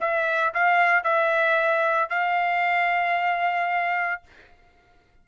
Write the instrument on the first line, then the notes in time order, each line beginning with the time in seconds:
trumpet
0.00 E5
0.53 F5
1.03 E5
2.09 F5